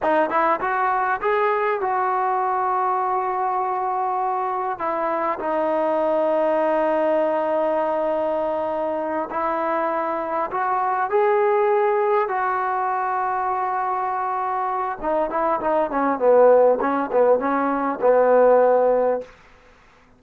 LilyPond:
\new Staff \with { instrumentName = "trombone" } { \time 4/4 \tempo 4 = 100 dis'8 e'8 fis'4 gis'4 fis'4~ | fis'1 | e'4 dis'2.~ | dis'2.~ dis'8 e'8~ |
e'4. fis'4 gis'4.~ | gis'8 fis'2.~ fis'8~ | fis'4 dis'8 e'8 dis'8 cis'8 b4 | cis'8 b8 cis'4 b2 | }